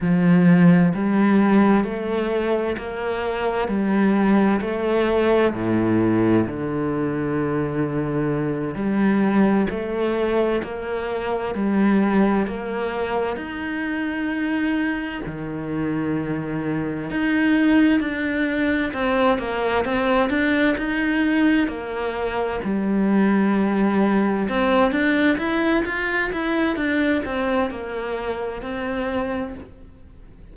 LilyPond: \new Staff \with { instrumentName = "cello" } { \time 4/4 \tempo 4 = 65 f4 g4 a4 ais4 | g4 a4 a,4 d4~ | d4. g4 a4 ais8~ | ais8 g4 ais4 dis'4.~ |
dis'8 dis2 dis'4 d'8~ | d'8 c'8 ais8 c'8 d'8 dis'4 ais8~ | ais8 g2 c'8 d'8 e'8 | f'8 e'8 d'8 c'8 ais4 c'4 | }